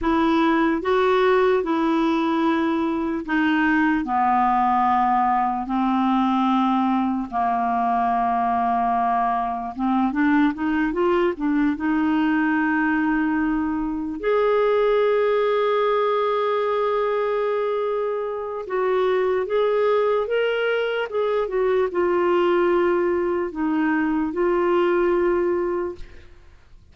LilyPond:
\new Staff \with { instrumentName = "clarinet" } { \time 4/4 \tempo 4 = 74 e'4 fis'4 e'2 | dis'4 b2 c'4~ | c'4 ais2. | c'8 d'8 dis'8 f'8 d'8 dis'4.~ |
dis'4. gis'2~ gis'8~ | gis'2. fis'4 | gis'4 ais'4 gis'8 fis'8 f'4~ | f'4 dis'4 f'2 | }